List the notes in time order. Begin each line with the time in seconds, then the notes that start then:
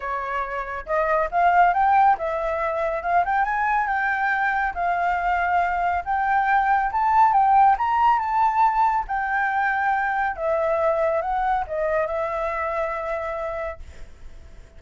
0.00 C#5
0.86 D#5
1.31 F5
1.73 G5
2.18 E5
3.02 F5
3.25 G5
3.45 G#5
3.87 G5
4.74 F5
6.05 G5
6.92 A5
7.32 G5
7.78 A#5
8.18 A5
9.07 G5
10.36 E5
11.21 F#5
11.67 D#5
12.06 E5